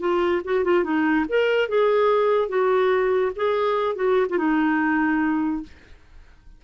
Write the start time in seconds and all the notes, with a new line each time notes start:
0.00 F4
0.44 F#4
0.64 F4
0.84 D#4
1.29 A#4
1.69 G#4
2.48 F#4
3.36 G#4
3.95 F#4
4.29 F4
4.38 D#4